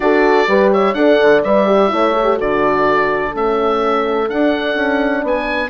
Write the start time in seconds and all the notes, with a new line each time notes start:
0.00 D4 F#4 A4 D5
0.47 G3 G4 B4
0.72 C#5 E5
0.94 D4 A4 D5 F#5
1.21 D3
1.43 G3 B4 E5
1.66 G4
1.89 A3 E4 C#5
2.12 A4
2.24 G4
2.36 D3 F#4 A4 D5
3.33 A3 C#4 E5
4.28 D4 F#5
4.75 C#4
5.23 B3 B4 G#5